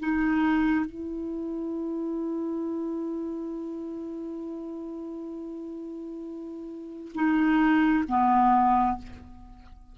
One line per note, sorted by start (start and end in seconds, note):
0.00 0.86 D#4
0.86 7.13 E4
7.15 8.04 D#4
8.08 8.98 B3